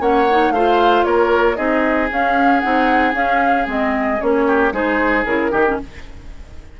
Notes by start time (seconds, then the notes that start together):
0.00 A#3 C#4 C#5 F#5
0.30 D#4
0.50 A3 F4 C5 F5
1.04 A#3 A#4 C#5
1.56 C4 D#4 G#4 D#5
2.11 C#4 F5
2.60 C4 D#4 F#5
3.13 C#4 F5
3.66 G#3 C4 D#5
4.21 A#3 C#4 C#5
4.47 G4
4.72 G#3 D#4 G#4 C5
5.25 C#3 E4 A#4
5.51 D#3 D#4 G4
5.67 C#4